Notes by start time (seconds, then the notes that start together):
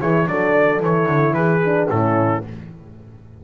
0.00 E3 E4 G#4 C#5
0.26 F#3 D4 A4 D5
0.80 E3 E4 C#5
1.06 D3
1.34 E3 G#4 B4
1.65 D4
1.89 A2 C#4 E4 A4